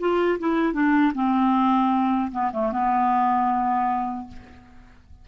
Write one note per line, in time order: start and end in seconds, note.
0.00 0.39 F4
0.40 0.74 E4
0.74 1.13 D4
1.15 2.32 C4
2.32 2.51 B3
2.53 2.72 A3
2.72 4.28 B3